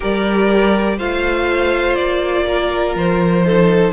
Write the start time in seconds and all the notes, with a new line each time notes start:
0.00 G3 G4 A#4 D5
0.97 A3 F4 C5 F5
1.95 A#3 D5
2.47 A#4
2.95 F3 C5
3.43 D#4 A4